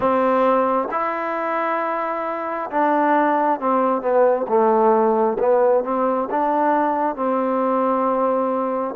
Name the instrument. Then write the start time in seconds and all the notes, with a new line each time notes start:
trombone
0.00 C4
0.91 E4
2.70 D4
3.60 C4
4.01 B3
4.48 A3
5.39 B3
5.84 C4
6.30 D4
7.15 C4